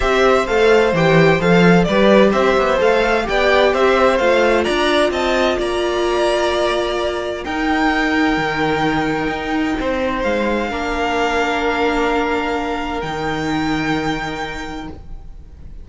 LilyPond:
<<
  \new Staff \with { instrumentName = "violin" } { \time 4/4 \tempo 4 = 129 e''4 f''4 g''4 f''4 | d''4 e''4 f''4 g''4 | e''4 f''4 ais''4 a''4 | ais''1 |
g''1~ | g''2 f''2~ | f''1 | g''1 | }
  \new Staff \with { instrumentName = "violin" } { \time 4/4 c''1 | b'4 c''2 d''4 | c''2 d''4 dis''4 | d''1 |
ais'1~ | ais'4 c''2 ais'4~ | ais'1~ | ais'1 | }
  \new Staff \with { instrumentName = "viola" } { \time 4/4 g'4 a'4 g'4 a'4 | g'2 a'4 g'4~ | g'4 f'2.~ | f'1 |
dis'1~ | dis'2. d'4~ | d'1 | dis'1 | }
  \new Staff \with { instrumentName = "cello" } { \time 4/4 c'4 a4 e4 f4 | g4 c'8 b8 a4 b4 | c'4 a4 d'4 c'4 | ais1 |
dis'2 dis2 | dis'4 c'4 gis4 ais4~ | ais1 | dis1 | }
>>